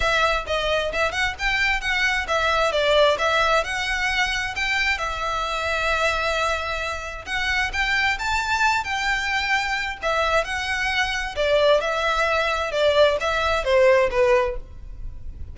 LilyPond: \new Staff \with { instrumentName = "violin" } { \time 4/4 \tempo 4 = 132 e''4 dis''4 e''8 fis''8 g''4 | fis''4 e''4 d''4 e''4 | fis''2 g''4 e''4~ | e''1 |
fis''4 g''4 a''4. g''8~ | g''2 e''4 fis''4~ | fis''4 d''4 e''2 | d''4 e''4 c''4 b'4 | }